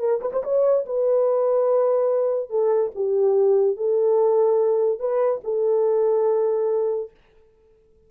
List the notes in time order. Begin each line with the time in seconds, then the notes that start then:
0.00 A#4
0.22 B4
0.33 C5
0.44 C#5
0.86 B4
2.50 A4
2.96 G4
3.77 A4
5.00 B4
5.45 A4